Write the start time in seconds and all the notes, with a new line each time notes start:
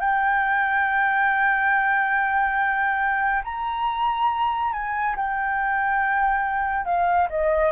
0.00 G5
3.44 A#5
4.73 G#5
5.16 G5
6.85 F5
7.30 D#5